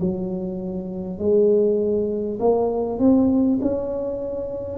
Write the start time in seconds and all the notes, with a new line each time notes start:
0.00 F#3
1.19 G#3
2.39 A#3
2.99 C4
3.62 C#4